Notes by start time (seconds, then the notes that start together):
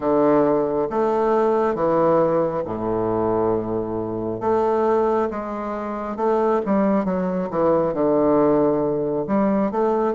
0.00 D3
0.90 A3
1.74 E3
2.65 A2
4.40 A3
5.30 G#3
6.16 A3
6.65 G3
7.04 F#3
7.50 E3
7.93 D3
9.27 G3
9.71 A3